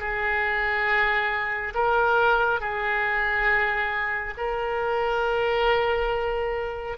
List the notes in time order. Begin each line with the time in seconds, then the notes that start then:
0.00 G#4
1.75 A#4
2.60 G#4
4.38 A#4